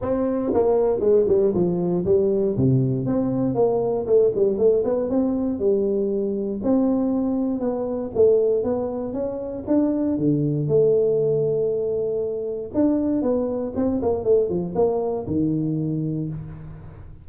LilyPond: \new Staff \with { instrumentName = "tuba" } { \time 4/4 \tempo 4 = 118 c'4 ais4 gis8 g8 f4 | g4 c4 c'4 ais4 | a8 g8 a8 b8 c'4 g4~ | g4 c'2 b4 |
a4 b4 cis'4 d'4 | d4 a2.~ | a4 d'4 b4 c'8 ais8 | a8 f8 ais4 dis2 | }